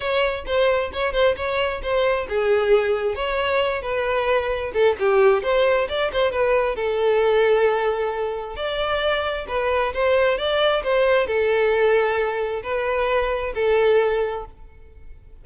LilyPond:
\new Staff \with { instrumentName = "violin" } { \time 4/4 \tempo 4 = 133 cis''4 c''4 cis''8 c''8 cis''4 | c''4 gis'2 cis''4~ | cis''8 b'2 a'8 g'4 | c''4 d''8 c''8 b'4 a'4~ |
a'2. d''4~ | d''4 b'4 c''4 d''4 | c''4 a'2. | b'2 a'2 | }